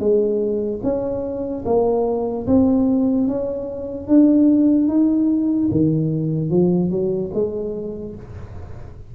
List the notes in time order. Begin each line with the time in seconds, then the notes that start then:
0.00 G#3
0.84 C#4
1.65 A#3
2.47 C4
3.28 C#4
4.08 D4
4.88 D#4
5.72 D#3
6.50 F3
6.91 F#3
7.35 G#3